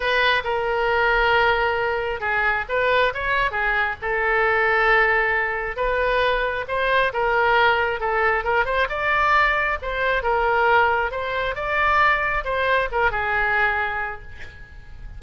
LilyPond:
\new Staff \with { instrumentName = "oboe" } { \time 4/4 \tempo 4 = 135 b'4 ais'2.~ | ais'4 gis'4 b'4 cis''4 | gis'4 a'2.~ | a'4 b'2 c''4 |
ais'2 a'4 ais'8 c''8 | d''2 c''4 ais'4~ | ais'4 c''4 d''2 | c''4 ais'8 gis'2~ gis'8 | }